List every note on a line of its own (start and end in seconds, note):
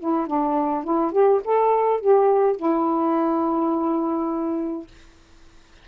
0.00 0.27 E4
0.27 0.84 D4
0.84 1.12 E4
1.12 1.41 G4
1.45 2.01 A4
2.01 2.57 G4
2.57 4.87 E4